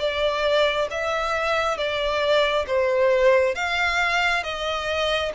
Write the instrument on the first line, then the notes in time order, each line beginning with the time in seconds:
violin
0.00 D5
0.91 E5
1.77 D5
2.68 C5
3.55 F5
4.44 D#5